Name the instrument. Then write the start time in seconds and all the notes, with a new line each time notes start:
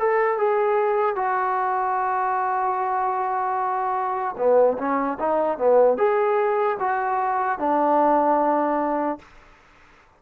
trombone
0.00 A4
0.38 G#4
1.16 F#4
4.38 B3
4.79 C#4
5.20 D#4
5.59 B3
5.98 G#4
6.80 F#4
7.59 D4